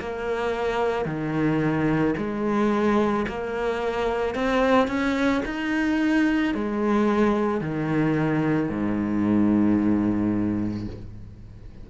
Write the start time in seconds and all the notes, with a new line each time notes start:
0.00 A#3
1.05 D#3
2.17 G#3
3.28 A#3
4.35 C4
4.87 C#4
5.45 D#4
6.55 G#3
7.61 D#3
8.69 G#2